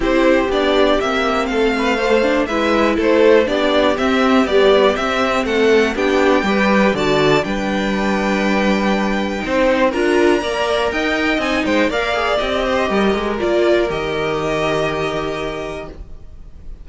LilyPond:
<<
  \new Staff \with { instrumentName = "violin" } { \time 4/4 \tempo 4 = 121 c''4 d''4 e''4 f''4~ | f''4 e''4 c''4 d''4 | e''4 d''4 e''4 fis''4 | g''2 a''4 g''4~ |
g''1 | ais''2 g''4 gis''8 g''8 | f''4 dis''2 d''4 | dis''1 | }
  \new Staff \with { instrumentName = "violin" } { \time 4/4 g'2. a'8 b'8 | c''4 b'4 a'4 g'4~ | g'2. a'4 | g'4 b'4 d''4 b'4~ |
b'2. c''4 | ais'4 d''4 dis''4. c''8 | d''4. c''8 ais'2~ | ais'1 | }
  \new Staff \with { instrumentName = "viola" } { \time 4/4 e'4 d'4 c'2 | a8 d'8 e'2 d'4 | c'4 g4 c'2 | d'4 g'4 fis'4 d'4~ |
d'2. dis'4 | f'4 ais'2 dis'4 | ais'8 gis'8 g'2 f'4 | g'1 | }
  \new Staff \with { instrumentName = "cello" } { \time 4/4 c'4 b4 ais4 a4~ | a4 gis4 a4 b4 | c'4 b4 c'4 a4 | b4 g4 d4 g4~ |
g2. c'4 | d'4 ais4 dis'4 c'8 gis8 | ais4 c'4 g8 gis8 ais4 | dis1 | }
>>